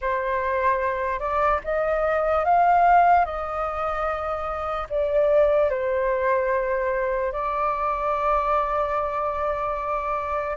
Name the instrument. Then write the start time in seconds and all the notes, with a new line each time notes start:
flute
0.01 C5
1.19 D5
1.64 D#5
2.44 F5
3.25 D#5
4.89 D5
5.70 C5
7.32 D5